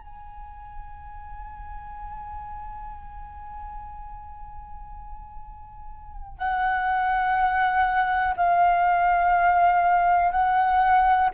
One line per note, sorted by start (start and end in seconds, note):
0.00 6.38 G#5
6.38 8.35 F#5
8.37 10.31 F5
10.31 11.29 F#5